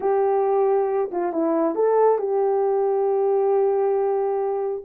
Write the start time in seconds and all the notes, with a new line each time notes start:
0.00 G4
1.11 F4
1.32 E4
1.75 A4
2.18 G4